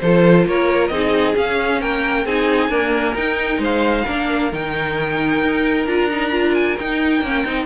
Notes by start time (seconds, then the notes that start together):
0.00 F3 F4 A4 C5
0.46 A#3 A#4 C#5
0.87 C4 D#4 G#4 D#5
1.34 C#4 F5
1.81 A#3 A#4 G5
2.25 C4 D#4 G#4 G#5
2.69 A#3 D4 A#4
3.15 D#4 G5
3.58 G#3 C5 F5
4.05 A#3 D4 A#4
4.52 D#3 D#4 G5
5.42 D#4
5.86 D4 F4 A#5
6.11 D#4
6.31 F4
6.54 G#5
6.78 D#4 G5
7.21 A#3 C#4
7.45 C4 D#4